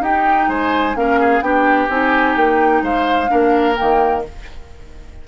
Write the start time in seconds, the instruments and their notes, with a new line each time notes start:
0.00 bassoon D#4, clarinet D#4, oboe G4, flute G5
0.48 bassoon G#3, oboe C5, flute G#5
0.94 bassoon A#3, clarinet C#4, oboe A#4, flute F5
1.20 oboe G#4
1.41 bassoon B3, clarinet D4, oboe G4, flute G5
1.89 bassoon C4, clarinet D#4, flute G#5
2.36 bassoon A#3, flute G5
2.82 bassoon G#3, oboe C5, flute F5
3.27 bassoon A#3, clarinet D4, oboe A#4
3.75 bassoon D#3, clarinet A#3, flute G5